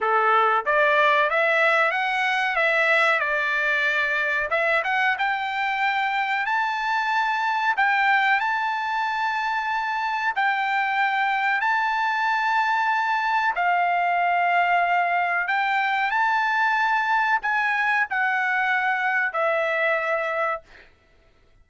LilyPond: \new Staff \with { instrumentName = "trumpet" } { \time 4/4 \tempo 4 = 93 a'4 d''4 e''4 fis''4 | e''4 d''2 e''8 fis''8 | g''2 a''2 | g''4 a''2. |
g''2 a''2~ | a''4 f''2. | g''4 a''2 gis''4 | fis''2 e''2 | }